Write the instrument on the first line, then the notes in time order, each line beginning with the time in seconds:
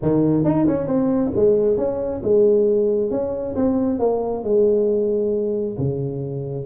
tuba
0.02 D#3
0.44 D#4
0.67 C#4
0.87 C4
1.35 G#3
1.77 C#4
2.23 G#3
3.11 C#4
3.55 C4
3.99 A#3
4.43 G#3
5.78 C#3